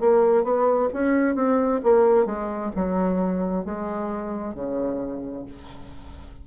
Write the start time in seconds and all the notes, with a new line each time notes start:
0.00 A#3
0.43 B3
0.93 C#4
1.35 C4
1.83 A#3
2.26 G#3
2.75 F#3
3.65 G#3
4.55 C#3